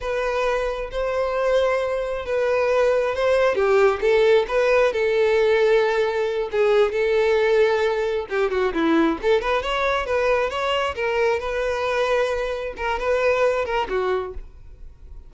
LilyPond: \new Staff \with { instrumentName = "violin" } { \time 4/4 \tempo 4 = 134 b'2 c''2~ | c''4 b'2 c''4 | g'4 a'4 b'4 a'4~ | a'2~ a'8 gis'4 a'8~ |
a'2~ a'8 g'8 fis'8 e'8~ | e'8 a'8 b'8 cis''4 b'4 cis''8~ | cis''8 ais'4 b'2~ b'8~ | b'8 ais'8 b'4. ais'8 fis'4 | }